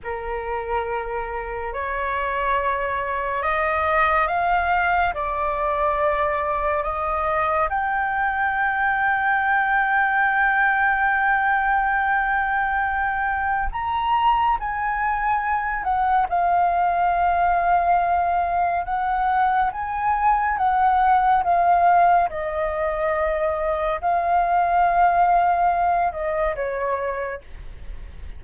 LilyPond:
\new Staff \with { instrumentName = "flute" } { \time 4/4 \tempo 4 = 70 ais'2 cis''2 | dis''4 f''4 d''2 | dis''4 g''2.~ | g''1 |
ais''4 gis''4. fis''8 f''4~ | f''2 fis''4 gis''4 | fis''4 f''4 dis''2 | f''2~ f''8 dis''8 cis''4 | }